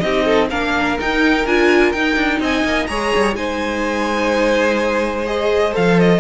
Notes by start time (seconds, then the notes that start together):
0.00 C4 D#4 G4 D#5
0.25 A4
0.50 A#3 D4 A#4 F5
1.00 D#4 G5
1.46 D4 F4 G#5
1.93 D#4 G5
2.17 D4
2.40 C4 D#5 G#5
2.65 A#3
2.87 G#3 G#4 C#5 A#5
3.17 G3
3.35 G#3 D#4 C5 G#5
5.27 G#4 D#5
5.73 F3 A4 F5
6.00 D#5